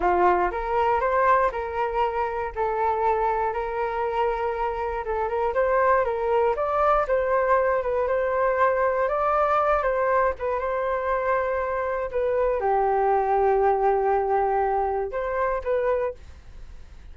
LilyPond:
\new Staff \with { instrumentName = "flute" } { \time 4/4 \tempo 4 = 119 f'4 ais'4 c''4 ais'4~ | ais'4 a'2 ais'4~ | ais'2 a'8 ais'8 c''4 | ais'4 d''4 c''4. b'8 |
c''2 d''4. c''8~ | c''8 b'8 c''2. | b'4 g'2.~ | g'2 c''4 b'4 | }